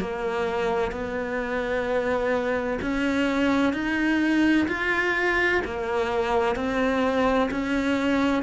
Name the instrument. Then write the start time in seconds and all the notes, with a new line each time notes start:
cello
0.00 A#3
0.91 B3
2.81 C#4
3.73 D#4
4.68 F4
5.65 A#3
6.56 C4
7.51 C#4